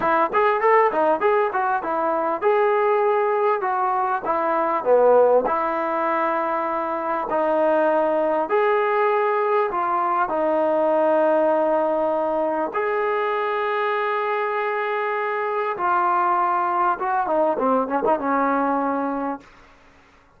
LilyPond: \new Staff \with { instrumentName = "trombone" } { \time 4/4 \tempo 4 = 99 e'8 gis'8 a'8 dis'8 gis'8 fis'8 e'4 | gis'2 fis'4 e'4 | b4 e'2. | dis'2 gis'2 |
f'4 dis'2.~ | dis'4 gis'2.~ | gis'2 f'2 | fis'8 dis'8 c'8 cis'16 dis'16 cis'2 | }